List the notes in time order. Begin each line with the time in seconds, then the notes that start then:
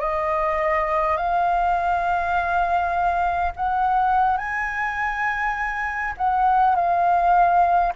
0.00 D#5
1.17 F5
3.56 F#5
4.37 G#5
6.18 F#5
6.76 F5